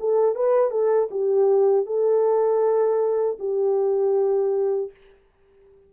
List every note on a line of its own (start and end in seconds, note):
0.00 0.35 A4
0.35 0.71 B4
0.71 1.09 A4
1.11 1.86 G4
1.86 3.38 A4
3.39 4.91 G4